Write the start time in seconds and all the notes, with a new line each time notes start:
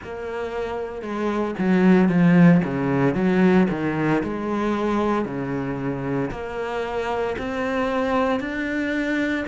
0.03 A#3
1.02 G#3
1.58 F#3
2.08 F3
2.64 C#3
3.14 F#3
3.70 D#3
4.23 G#3
5.25 C#3
6.31 A#3
7.38 C4
8.40 D4